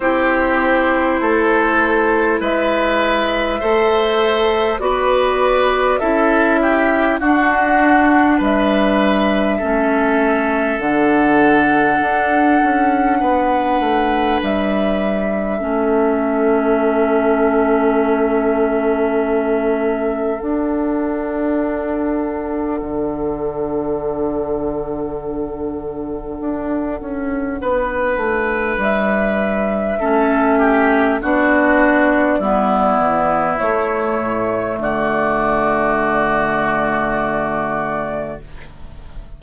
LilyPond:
<<
  \new Staff \with { instrumentName = "flute" } { \time 4/4 \tempo 4 = 50 c''2 e''2 | d''4 e''4 fis''4 e''4~ | e''4 fis''2. | e''1~ |
e''4 fis''2.~ | fis''1 | e''2 d''2 | cis''4 d''2. | }
  \new Staff \with { instrumentName = "oboe" } { \time 4/4 g'4 a'4 b'4 c''4 | b'4 a'8 g'8 fis'4 b'4 | a'2. b'4~ | b'4 a'2.~ |
a'1~ | a'2. b'4~ | b'4 a'8 g'8 fis'4 e'4~ | e'4 fis'2. | }
  \new Staff \with { instrumentName = "clarinet" } { \time 4/4 e'2. a'4 | fis'4 e'4 d'2 | cis'4 d'2.~ | d'4 cis'2.~ |
cis'4 d'2.~ | d'1~ | d'4 cis'4 d'4 b4 | a1 | }
  \new Staff \with { instrumentName = "bassoon" } { \time 4/4 c'4 a4 gis4 a4 | b4 cis'4 d'4 g4 | a4 d4 d'8 cis'8 b8 a8 | g4 a2.~ |
a4 d'2 d4~ | d2 d'8 cis'8 b8 a8 | g4 a4 b4 g8 e8 | a8 a,8 d2. | }
>>